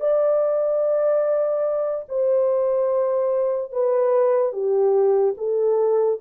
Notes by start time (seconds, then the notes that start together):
0.00 D5
2.08 C5
3.72 B4
4.52 G4
5.38 A4